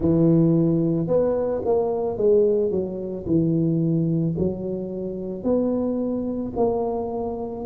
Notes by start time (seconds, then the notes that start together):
0.00 E3
1.07 B3
1.65 A#3
2.17 G#3
2.70 F#3
3.26 E3
4.38 F#3
5.43 B3
6.56 A#3